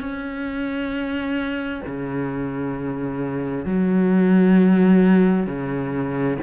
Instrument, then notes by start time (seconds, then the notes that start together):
cello
0.00 C#4
1.86 C#3
3.65 F#3
5.47 C#3